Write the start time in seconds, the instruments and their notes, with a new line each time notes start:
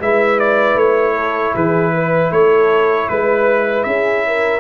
0.00 tuba G#3, trombone E4, horn B4, trumpet E5
0.39 trumpet D5
0.75 tuba A3, trumpet C#5
1.14 horn A4
1.54 tuba E3, horn G#4, trumpet B4
1.93 horn B4
2.31 tuba A3, horn A4, trumpet C#5
3.09 tuba G#3, trumpet B4, horn B4
3.83 tuba C#4, horn G#4, trumpet E5
4.26 horn A#4